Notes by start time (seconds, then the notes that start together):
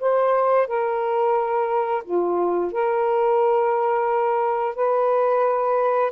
0.00 C5
0.67 A#4
2.04 F4
2.72 A#4
4.75 B4